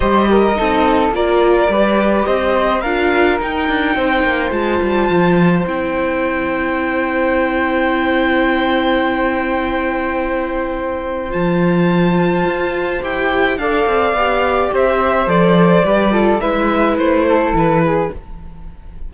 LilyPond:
<<
  \new Staff \with { instrumentName = "violin" } { \time 4/4 \tempo 4 = 106 dis''2 d''2 | dis''4 f''4 g''2 | a''2 g''2~ | g''1~ |
g''1 | a''2. g''4 | f''2 e''4 d''4~ | d''4 e''4 c''4 b'4 | }
  \new Staff \with { instrumentName = "flute" } { \time 4/4 c''8 ais'8 a'4 ais'4 b'4 | c''4 ais'2 c''4~ | c''1~ | c''1~ |
c''1~ | c''1 | d''2 c''2 | b'8 a'8 b'4. a'4 gis'8 | }
  \new Staff \with { instrumentName = "viola" } { \time 4/4 g'4 dis'4 f'4 g'4~ | g'4 f'4 dis'2 | f'2 e'2~ | e'1~ |
e'1 | f'2. g'4 | a'4 g'2 a'4 | g'8 f'8 e'2. | }
  \new Staff \with { instrumentName = "cello" } { \time 4/4 g4 c'4 ais4 g4 | c'4 d'4 dis'8 d'8 c'8 ais8 | gis8 g8 f4 c'2~ | c'1~ |
c'1 | f2 f'4 e'4 | d'8 c'8 b4 c'4 f4 | g4 gis4 a4 e4 | }
>>